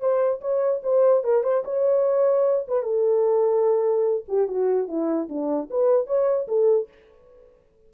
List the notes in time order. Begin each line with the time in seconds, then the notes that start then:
0.00 C5
0.41 C#5
0.83 C5
1.24 A#4
1.43 C5
1.65 C#5
2.68 B4
2.82 A4
4.28 G4
4.48 F#4
4.88 E4
5.29 D4
5.70 B4
6.06 C#5
6.47 A4